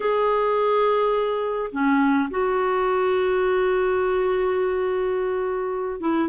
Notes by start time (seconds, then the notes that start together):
0.00 G#4
1.72 C#4
2.30 F#4
6.00 E4